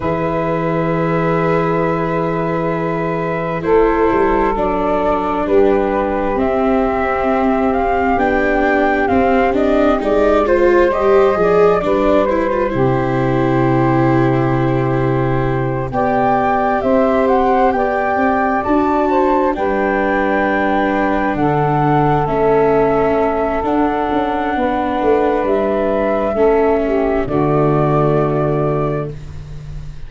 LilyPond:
<<
  \new Staff \with { instrumentName = "flute" } { \time 4/4 \tempo 4 = 66 e''1 | c''4 d''4 b'4 e''4~ | e''8 f''8 g''4 f''8 dis''8 d''8 c''8 | dis''4 d''8 c''2~ c''8~ |
c''4. g''4 e''8 fis''8 g''8~ | g''8 a''4 g''2 fis''8~ | fis''8 e''4. fis''2 | e''2 d''2 | }
  \new Staff \with { instrumentName = "saxophone" } { \time 4/4 b'1 | a'2 g'2~ | g'2.~ g'8 c''8~ | c''8 d''8 b'4 g'2~ |
g'4. d''4 c''4 d''8~ | d''4 c''8 b'2 a'8~ | a'2. b'4~ | b'4 a'8 g'8 fis'2 | }
  \new Staff \with { instrumentName = "viola" } { \time 4/4 gis'1 | e'4 d'2 c'4~ | c'4 d'4 c'8 d'8 dis'8 f'8 | g'8 gis'8 d'8 e'16 f'16 e'2~ |
e'4. g'2~ g'8~ | g'8 fis'4 d'2~ d'8~ | d'8 cis'4. d'2~ | d'4 cis'4 a2 | }
  \new Staff \with { instrumentName = "tuba" } { \time 4/4 e1 | a8 g8 fis4 g4 c'4~ | c'4 b4 c'4 gis4 | g8 f8 g4 c2~ |
c4. b4 c'4 b8 | c'8 d'4 g2 d8~ | d8 a4. d'8 cis'8 b8 a8 | g4 a4 d2 | }
>>